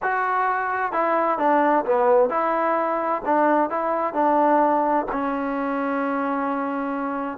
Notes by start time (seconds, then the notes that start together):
0.02 F#4
0.92 E4
1.38 D4
1.85 B3
2.29 E4
3.25 D4
3.69 E4
4.13 D4
5.12 C#4